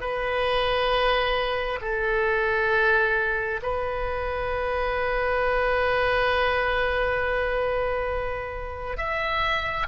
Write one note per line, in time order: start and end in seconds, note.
0.00 1.79 B4
1.81 3.60 A4
3.62 8.97 B4
8.97 9.87 E5